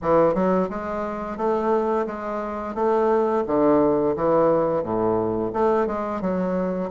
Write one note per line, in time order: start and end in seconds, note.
0.02 0.34 E3
0.34 0.68 F#3
0.69 1.37 G#3
1.37 2.06 A3
2.06 2.74 G#3
2.74 3.43 A3
3.46 4.15 D3
4.16 4.83 E3
4.83 5.52 A2
5.53 5.86 A3
5.86 6.21 G#3
6.21 6.90 F#3